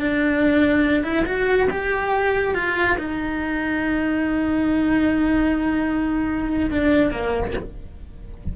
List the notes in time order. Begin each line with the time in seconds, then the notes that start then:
0.00 D4
1.04 E4
1.26 F#4
1.70 G4
2.55 F4
2.98 D#4
6.71 D4
7.11 A#3